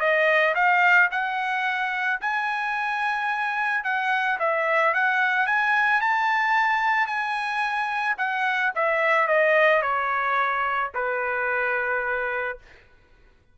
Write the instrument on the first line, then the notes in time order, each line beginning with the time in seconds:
trumpet
0.00 D#5
0.55 F5
1.11 F#5
2.21 G#5
3.84 F#5
4.40 E5
4.94 F#5
5.47 G#5
6.01 A5
7.07 G#5
8.18 F#5
8.75 E5
9.28 D#5
9.82 C#5
10.95 B4